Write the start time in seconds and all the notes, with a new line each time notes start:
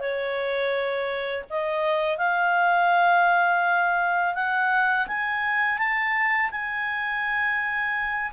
0.00 C#5
1.50 D#5
2.18 F5
4.35 F#5
5.08 G#5
5.78 A5
6.51 G#5